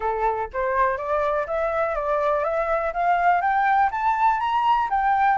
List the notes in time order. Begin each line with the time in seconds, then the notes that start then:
0.00 A4
0.53 C5
0.97 D5
1.47 E5
1.95 D5
2.44 E5
2.93 F5
3.41 G5
3.91 A5
4.40 A#5
4.89 G5